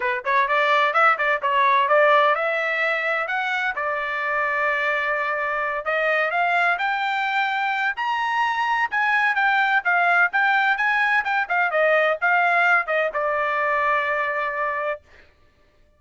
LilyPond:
\new Staff \with { instrumentName = "trumpet" } { \time 4/4 \tempo 4 = 128 b'8 cis''8 d''4 e''8 d''8 cis''4 | d''4 e''2 fis''4 | d''1~ | d''8 dis''4 f''4 g''4.~ |
g''4 ais''2 gis''4 | g''4 f''4 g''4 gis''4 | g''8 f''8 dis''4 f''4. dis''8 | d''1 | }